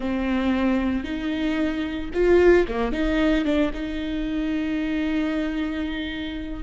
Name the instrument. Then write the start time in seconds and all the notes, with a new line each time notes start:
viola
0.00 C4
1.04 D#4
2.13 F4
2.67 A#3
2.92 D#4
3.44 D4
3.73 D#4